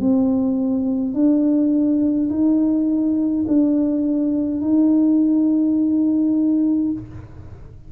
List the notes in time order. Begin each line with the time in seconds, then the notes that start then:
0.00 C4
1.14 D4
2.30 D#4
3.48 D4
4.61 D#4